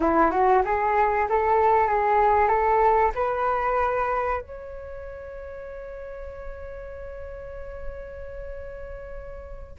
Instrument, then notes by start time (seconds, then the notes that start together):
flute
0.00 E4
0.30 F#4
0.65 G#4
1.29 A4
1.87 G#4
2.48 A4
3.14 B4
4.41 C#5